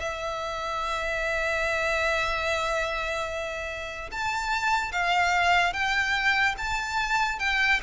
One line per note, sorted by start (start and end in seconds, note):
0.00 4.11 E5
4.12 4.92 A5
4.92 5.73 F5
5.73 6.56 G5
6.58 7.40 A5
7.40 7.81 G5